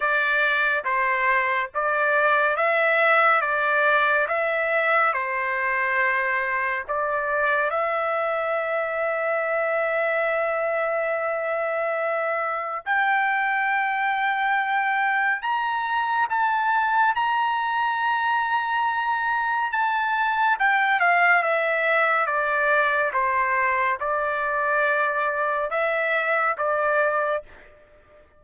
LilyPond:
\new Staff \with { instrumentName = "trumpet" } { \time 4/4 \tempo 4 = 70 d''4 c''4 d''4 e''4 | d''4 e''4 c''2 | d''4 e''2.~ | e''2. g''4~ |
g''2 ais''4 a''4 | ais''2. a''4 | g''8 f''8 e''4 d''4 c''4 | d''2 e''4 d''4 | }